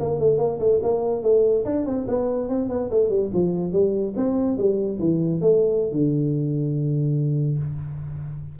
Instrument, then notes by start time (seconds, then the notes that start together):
tuba
0.00 A#3
0.20 A3
0.39 A#3
0.60 A3
0.83 A#3
1.23 A3
1.65 D4
1.86 C4
2.08 B3
2.49 C4
2.69 B3
2.91 A3
3.10 G3
3.34 F3
3.73 G3
4.16 C4
4.58 G3
5.00 E3
5.41 A3
5.92 D3